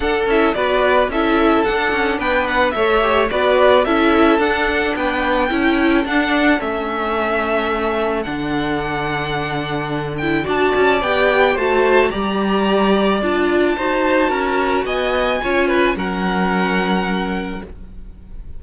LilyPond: <<
  \new Staff \with { instrumentName = "violin" } { \time 4/4 \tempo 4 = 109 fis''8 e''8 d''4 e''4 fis''4 | g''8 fis''8 e''4 d''4 e''4 | fis''4 g''2 fis''4 | e''2. fis''4~ |
fis''2~ fis''8 g''8 a''4 | g''4 a''4 ais''2 | a''2. gis''4~ | gis''4 fis''2. | }
  \new Staff \with { instrumentName = "violin" } { \time 4/4 a'4 b'4 a'2 | b'4 cis''4 b'4 a'4~ | a'4 b'4 a'2~ | a'1~ |
a'2. d''4~ | d''4 c''4 d''2~ | d''4 c''4 ais'4 dis''4 | cis''8 b'8 ais'2. | }
  \new Staff \with { instrumentName = "viola" } { \time 4/4 d'8 e'8 fis'4 e'4 d'4~ | d'4 a'8 g'8 fis'4 e'4 | d'2 e'4 d'4 | cis'2. d'4~ |
d'2~ d'8 e'8 fis'4 | g'4 fis'4 g'2 | f'4 fis'2. | f'4 cis'2. | }
  \new Staff \with { instrumentName = "cello" } { \time 4/4 d'8 cis'8 b4 cis'4 d'8 cis'8 | b4 a4 b4 cis'4 | d'4 b4 cis'4 d'4 | a2. d4~ |
d2. d'8 cis'8 | b4 a4 g2 | d'4 dis'4 cis'4 b4 | cis'4 fis2. | }
>>